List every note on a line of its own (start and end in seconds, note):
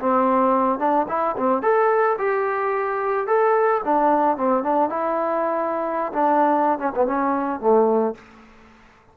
0.00 0.79 C4
0.79 1.07 D4
1.08 1.36 E4
1.37 1.62 C4
1.62 2.17 A4
2.18 3.27 G4
3.27 3.82 A4
3.85 4.37 D4
4.37 4.64 C4
4.64 4.90 D4
4.90 6.12 E4
6.12 6.79 D4
6.79 6.92 C#4
6.95 7.06 B3
7.06 7.60 C#4
7.60 8.15 A3